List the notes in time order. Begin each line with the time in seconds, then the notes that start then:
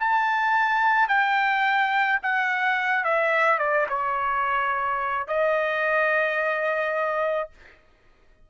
0.00 A5
1.09 G5
2.23 F#5
3.05 E5
3.59 D5
3.89 C#5
5.28 D#5